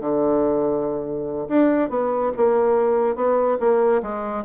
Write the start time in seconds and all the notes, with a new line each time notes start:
0.00 D3
1.48 D4
1.89 B3
2.37 A#3
3.15 B3
3.60 A#3
4.02 G#3